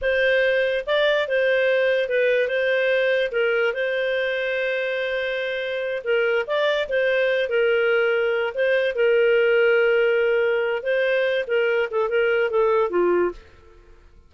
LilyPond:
\new Staff \with { instrumentName = "clarinet" } { \time 4/4 \tempo 4 = 144 c''2 d''4 c''4~ | c''4 b'4 c''2 | ais'4 c''2.~ | c''2~ c''8 ais'4 d''8~ |
d''8 c''4. ais'2~ | ais'8 c''4 ais'2~ ais'8~ | ais'2 c''4. ais'8~ | ais'8 a'8 ais'4 a'4 f'4 | }